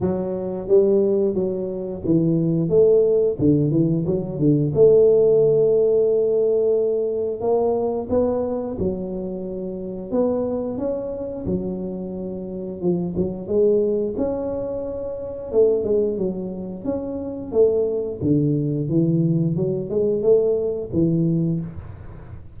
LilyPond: \new Staff \with { instrumentName = "tuba" } { \time 4/4 \tempo 4 = 89 fis4 g4 fis4 e4 | a4 d8 e8 fis8 d8 a4~ | a2. ais4 | b4 fis2 b4 |
cis'4 fis2 f8 fis8 | gis4 cis'2 a8 gis8 | fis4 cis'4 a4 d4 | e4 fis8 gis8 a4 e4 | }